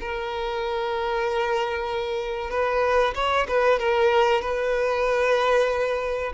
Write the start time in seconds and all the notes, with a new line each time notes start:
0.00 A#4
2.50 B4
3.15 C#5
3.48 B4
3.79 A#4
4.41 B4